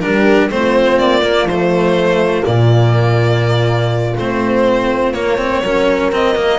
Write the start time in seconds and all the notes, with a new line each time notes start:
0.00 G3 D4 G4 A#4
0.50 A3 C4 F4 C5
0.98 A#3 D5
1.22 A#3
1.45 F3 C5
1.51 A3
2.43 A#2 A#3 D5
4.17 A3 C4 C5
5.13 A#3 C#5
5.38 C4
5.62 F#3 C#4 A#4
6.12 C4 D#5
6.35 A#3